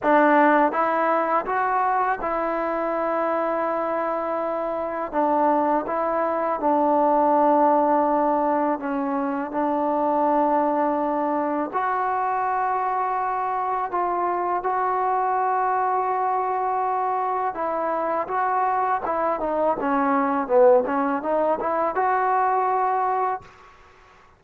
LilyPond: \new Staff \with { instrumentName = "trombone" } { \time 4/4 \tempo 4 = 82 d'4 e'4 fis'4 e'4~ | e'2. d'4 | e'4 d'2. | cis'4 d'2. |
fis'2. f'4 | fis'1 | e'4 fis'4 e'8 dis'8 cis'4 | b8 cis'8 dis'8 e'8 fis'2 | }